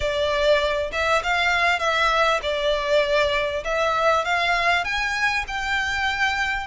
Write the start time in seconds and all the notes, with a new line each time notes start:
0.00 D5
0.92 E5
1.23 F5
1.79 E5
2.42 D5
3.64 E5
4.25 F5
4.84 G#5
5.47 G5